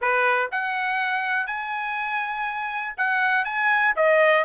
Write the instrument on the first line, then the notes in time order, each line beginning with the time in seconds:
trumpet
0.01 B4
0.51 F#5
1.46 G#5
2.97 F#5
3.44 G#5
3.96 D#5